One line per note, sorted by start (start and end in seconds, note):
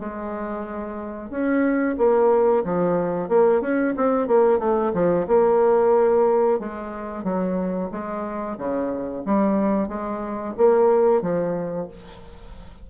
0.00 1.30 G#3
1.30 1.96 C#4
1.98 2.64 A#3
2.65 3.29 F3
3.29 3.61 A#3
3.61 3.94 C#4
3.97 4.28 C4
4.28 4.59 A#3
4.59 4.92 A3
4.94 5.27 F3
5.28 6.60 A#3
6.60 7.24 G#3
7.24 7.90 F#3
7.92 8.58 G#3
8.58 9.24 C#3
9.26 9.89 G3
9.89 10.55 G#3
10.58 11.22 A#3
11.22 11.88 F3